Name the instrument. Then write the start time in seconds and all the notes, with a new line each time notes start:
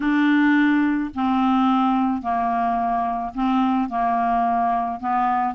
clarinet
0.00 D4
1.14 C4
2.21 A#3
3.34 C4
3.89 A#3
4.99 B3